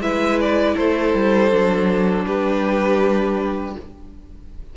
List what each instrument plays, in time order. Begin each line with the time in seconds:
0.00 cello G#3, viola E4, violin B4 E5
0.40 violin D5
0.75 cello A3, violin A4 C5
1.14 cello G3
1.51 cello F#3, viola D4
2.26 cello G3, violin G4 B4